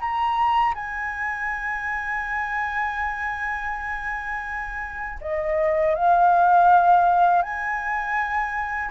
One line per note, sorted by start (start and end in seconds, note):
0.00 0.74 A#5
0.74 5.19 G#5
5.21 5.95 D#5
5.95 7.42 F5
7.42 8.90 G#5